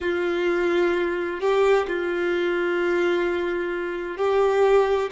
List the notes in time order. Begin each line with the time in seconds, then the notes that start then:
0.01 F4
1.40 G4
1.87 F4
4.17 G4